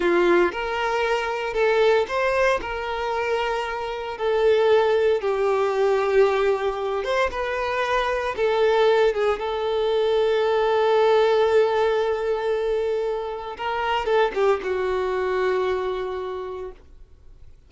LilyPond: \new Staff \with { instrumentName = "violin" } { \time 4/4 \tempo 4 = 115 f'4 ais'2 a'4 | c''4 ais'2. | a'2 g'2~ | g'4. c''8 b'2 |
a'4. gis'8 a'2~ | a'1~ | a'2 ais'4 a'8 g'8 | fis'1 | }